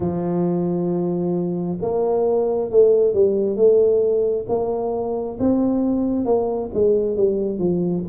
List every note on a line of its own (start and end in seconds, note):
0.00 1.78 F3
1.81 2.70 A#3
2.70 3.13 A3
3.13 3.56 G3
3.56 4.46 A3
4.48 5.38 A#3
5.39 6.25 C4
6.25 6.70 A#3
6.73 7.16 G#3
7.16 7.59 G3
7.59 8.04 F3